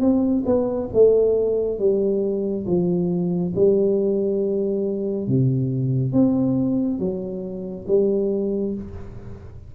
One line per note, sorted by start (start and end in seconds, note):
0.00 0.43 C4
0.46 0.89 B3
0.93 1.79 A3
1.79 2.66 G3
2.66 3.53 F3
3.55 5.27 G3
5.27 6.13 C3
6.13 6.99 C4
6.99 7.86 F#3
7.87 8.74 G3